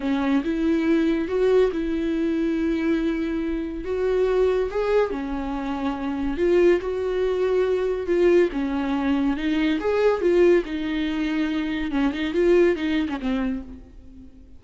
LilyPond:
\new Staff \with { instrumentName = "viola" } { \time 4/4 \tempo 4 = 141 cis'4 e'2 fis'4 | e'1~ | e'4 fis'2 gis'4 | cis'2. f'4 |
fis'2. f'4 | cis'2 dis'4 gis'4 | f'4 dis'2. | cis'8 dis'8 f'4 dis'8. cis'16 c'4 | }